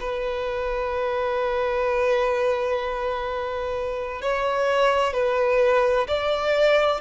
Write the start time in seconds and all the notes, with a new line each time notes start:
0.00 B4
4.21 C#5
5.13 B4
6.07 D5